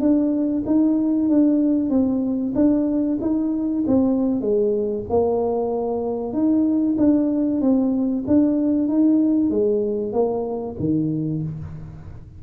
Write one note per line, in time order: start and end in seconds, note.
0.00 0.63 D4
0.66 1.29 D#4
1.29 1.90 D4
1.90 2.53 C4
2.55 3.18 D4
3.21 3.84 D#4
3.87 4.41 C4
4.41 5.04 G#3
5.09 6.33 A#3
6.33 6.96 D#4
6.98 7.61 D4
7.61 8.24 C4
8.27 8.88 D4
8.88 9.50 D#4
9.50 10.12 G#3
10.12 10.75 A#3
10.79 11.42 D#3